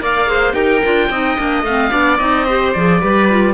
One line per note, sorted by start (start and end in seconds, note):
0.00 0.53 A#3
0.00 0.27 A#4
0.00 0.29 D5
0.00 0.53 F5
0.27 0.53 G#4
0.27 0.55 C5
0.53 0.80 D#4
0.53 0.80 G4
0.53 1.09 A#4
0.53 1.62 G5
0.84 1.09 D4
0.84 1.11 F4
1.09 1.37 C4
1.09 1.37 D#4
1.09 1.91 D#5
1.37 1.63 A#3
1.37 1.64 D4
1.63 1.90 A3
1.63 1.90 C4
1.63 2.17 F5
1.90 2.20 B3
1.90 2.17 D4
1.90 2.45 D5
2.17 2.75 C4
2.17 2.46 D#4
2.17 2.72 D#5
2.45 2.76 G4
2.45 2.99 C5
2.72 3.02 F3
2.72 3.01 G#4
2.72 3.54 D5
3.00 3.54 G3
3.00 3.29 G4
3.00 3.54 B4
3.29 3.54 F4